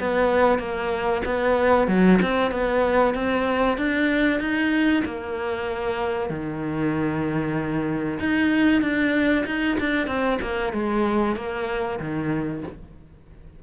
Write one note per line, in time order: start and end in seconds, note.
0.00 0.59 B3
0.59 1.22 A#3
1.25 1.88 B3
1.88 2.19 F#3
2.22 2.51 C4
2.51 3.14 B3
3.14 3.78 C4
3.78 4.40 D4
4.40 5.03 D#4
5.05 6.30 A#3
6.30 8.19 D#3
8.20 8.81 D#4
8.81 9.44 D4
9.46 9.78 D#4
9.80 10.07 D4
10.07 10.39 C4
10.42 10.73 A#3
10.73 11.36 G#3
11.36 11.99 A#3
11.99 12.63 D#3